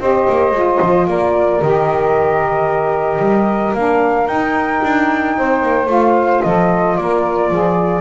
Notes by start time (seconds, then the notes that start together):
0.00 C4 G4 C5 D#5
0.29 A#3
0.52 G#3 F4
0.82 F3
1.07 A#3 A#4 D5
1.62 D#3 G4 D#5
3.19 G3
3.74 A#3 D4 F5
4.27 D#4 G5
4.84 D4
5.37 C4 C5
5.62 A#3
5.86 A3 F4 F5
6.43 F3 A4 D#5
6.96 A#3 A#4 D5
7.51 F3 G#4